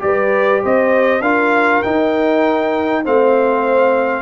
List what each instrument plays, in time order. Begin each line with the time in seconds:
0.00 tuba G3, trombone G4, horn B4, trumpet D5
0.63 tuba C4, horn C5, trumpet D#5
1.21 tuba D4, trombone F4, horn A#4, trumpet F5
1.83 trombone D#4, tuba D#4, trumpet G5
3.04 tuba A3, trombone C4, horn C5, trumpet F5